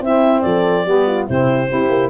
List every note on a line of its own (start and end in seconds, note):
0.00 0.42 C4
0.00 0.87 C4
0.00 0.44 E4
0.00 0.42 E5
0.42 0.85 F3
0.42 0.86 A4
0.42 1.25 D5
0.85 1.27 G3
0.85 1.28 B3
0.85 1.07 G4
1.07 1.27 F4
1.27 1.71 C3
1.27 1.70 C4
1.27 1.69 E4
1.27 2.09 C5
1.69 1.89 C4
1.69 2.09 E4
1.69 2.09 G4
1.89 2.09 A#3